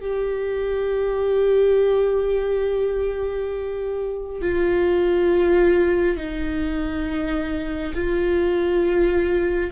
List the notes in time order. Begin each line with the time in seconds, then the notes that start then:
0.00 G4
4.42 F4
6.16 D#4
7.94 F4